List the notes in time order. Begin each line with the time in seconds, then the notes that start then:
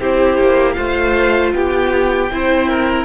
0.00 C4 E4 G4 C5
0.38 A#3
0.73 A3 F4 C5 F5
1.53 B3 G4 G5
2.32 C4 E4 C5
2.69 A#4